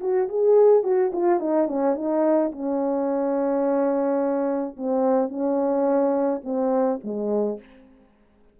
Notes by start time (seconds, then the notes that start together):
0.00 F#4
0.28 G#4
0.83 F#4
1.12 F4
1.40 D#4
1.68 C#4
1.95 D#4
2.52 C#4
4.76 C4
5.29 C#4
6.43 C4
7.03 G#3